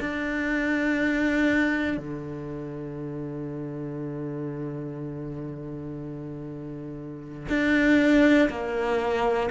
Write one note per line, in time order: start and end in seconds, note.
0.00 1.97 D4
1.97 7.47 D3
7.49 8.49 D4
8.49 9.49 A#3